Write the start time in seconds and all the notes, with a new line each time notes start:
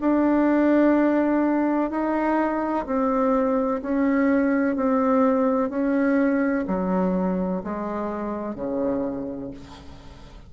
0.00 D4
1.90 D#4
2.86 C4
3.82 C#4
4.76 C4
5.69 C#4
6.67 F#3
7.64 G#3
8.55 C#3